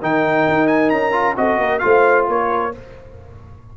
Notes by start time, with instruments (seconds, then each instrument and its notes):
0.00 tuba D#3, trombone D#4, horn A#4, trumpet G5
0.48 tuba D#4
0.68 trumpet G#5
0.90 tuba C#4, trumpet A#5
1.12 trombone F4
1.36 tuba C4, trombone F#4, horn A4, trumpet D#5
1.58 tuba A#3, horn A#4
1.79 tuba A3, trombone F4, horn C5, trumpet F5
2.28 tuba A#3, horn A#4, trumpet C#5